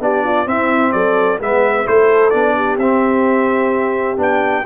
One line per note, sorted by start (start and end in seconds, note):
0.00 0.46 B3
0.00 0.46 D4
0.00 0.24 G4
0.00 0.48 D5
0.24 0.47 F4
0.46 1.39 C4
0.46 0.93 C4
0.46 0.93 E4
0.46 0.92 E5
0.92 1.39 F#3
0.92 1.39 A4
0.92 1.38 D5
1.39 1.86 G#3
1.39 1.85 B3
1.39 1.86 B4
1.39 1.87 E5
1.85 2.34 A3
1.85 2.32 E4
1.85 2.55 A4
1.85 2.30 C5
2.30 2.78 B3
2.30 2.78 D4
2.30 2.76 D5
2.55 4.65 G4
2.78 4.17 C4
2.78 4.18 E5
4.17 4.64 B3
4.17 4.63 D4
4.17 4.66 G5